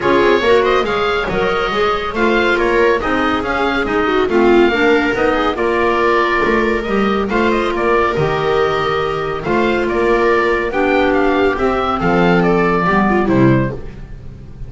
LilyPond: <<
  \new Staff \with { instrumentName = "oboe" } { \time 4/4 \tempo 4 = 140 cis''4. dis''8 f''4 dis''4~ | dis''4 f''4 cis''4 dis''4 | f''4 dis''4 f''2 | dis''4 d''2. |
dis''4 f''8 dis''8 d''4 dis''4~ | dis''2 f''4 d''4~ | d''4 g''4 f''4 e''4 | f''4 d''2 c''4 | }
  \new Staff \with { instrumentName = "viola" } { \time 4/4 gis'4 ais'8 c''8 cis''2~ | cis''4 c''4 ais'4 gis'4~ | gis'4. fis'8 f'4 ais'4~ | ais'8 gis'8 ais'2.~ |
ais'4 c''4 ais'2~ | ais'2 c''4 ais'4~ | ais'4 g'2. | a'2 g'8 f'8 e'4 | }
  \new Staff \with { instrumentName = "clarinet" } { \time 4/4 f'4 fis'4 gis'4 ais'4 | gis'4 f'2 dis'4 | cis'4 dis'4 c'4 d'4 | dis'4 f'2. |
g'4 f'2 g'4~ | g'2 f'2~ | f'4 d'2 c'4~ | c'2 b4 g4 | }
  \new Staff \with { instrumentName = "double bass" } { \time 4/4 cis'8 c'8 ais4 gis4 fis4 | gis4 a4 ais4 c'4 | cis'4 gis4 a4 ais4 | b4 ais2 a4 |
g4 a4 ais4 dis4~ | dis2 a4 ais4~ | ais4 b2 c'4 | f2 g4 c4 | }
>>